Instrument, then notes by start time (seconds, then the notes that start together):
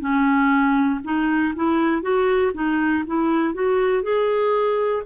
clarinet
0.00 C#4
1.04 D#4
1.55 E4
2.02 F#4
2.54 D#4
3.07 E4
3.55 F#4
4.03 G#4